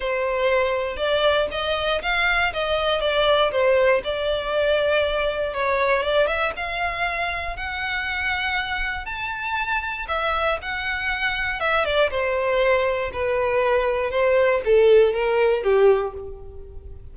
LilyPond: \new Staff \with { instrumentName = "violin" } { \time 4/4 \tempo 4 = 119 c''2 d''4 dis''4 | f''4 dis''4 d''4 c''4 | d''2. cis''4 | d''8 e''8 f''2 fis''4~ |
fis''2 a''2 | e''4 fis''2 e''8 d''8 | c''2 b'2 | c''4 a'4 ais'4 g'4 | }